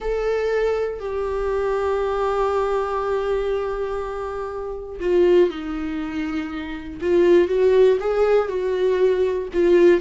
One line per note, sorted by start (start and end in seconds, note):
0.00 0.99 A4
0.99 4.99 G4
5.00 5.50 F4
5.50 7.00 D#4
7.01 7.47 F4
7.47 7.97 F#4
8.00 8.48 G#4
8.48 9.48 F#4
9.53 10.01 F4